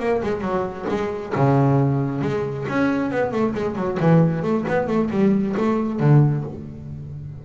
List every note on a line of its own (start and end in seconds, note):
0.00 0.22 A#3
0.23 0.41 G#3
0.41 0.86 F#3
0.89 1.34 G#3
1.36 2.22 C#3
2.22 2.66 G#3
2.69 3.12 C#4
3.12 3.32 B3
3.32 3.54 A3
3.55 3.76 G#3
3.76 3.98 F#3
4.00 4.43 E3
4.43 4.65 A3
4.68 4.88 B3
4.88 5.10 A3
5.11 5.56 G3
5.57 6.00 A3
6.00 6.45 D3